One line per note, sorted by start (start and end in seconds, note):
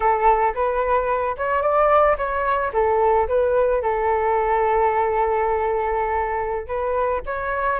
0.00 0.53 A4
0.54 1.36 B4
1.37 1.61 C#5
1.61 2.16 D5
2.17 2.72 C#5
2.73 3.27 A4
3.28 3.82 B4
3.82 6.67 A4
6.67 7.21 B4
7.26 7.79 C#5